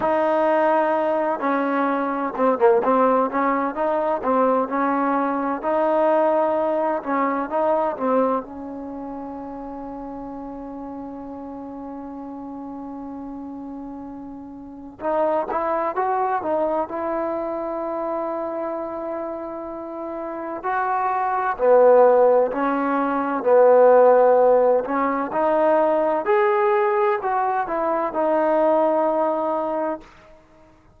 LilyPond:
\new Staff \with { instrumentName = "trombone" } { \time 4/4 \tempo 4 = 64 dis'4. cis'4 c'16 ais16 c'8 cis'8 | dis'8 c'8 cis'4 dis'4. cis'8 | dis'8 c'8 cis'2.~ | cis'1 |
dis'8 e'8 fis'8 dis'8 e'2~ | e'2 fis'4 b4 | cis'4 b4. cis'8 dis'4 | gis'4 fis'8 e'8 dis'2 | }